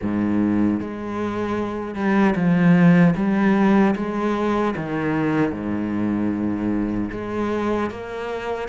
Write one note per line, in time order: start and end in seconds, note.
0.02 0.80 G#2
0.80 1.94 G#3
1.94 2.34 G3
2.35 3.14 F3
3.15 3.94 G3
3.95 4.74 G#3
4.76 5.52 D#3
5.52 7.09 G#2
7.11 7.90 G#3
7.90 8.68 A#3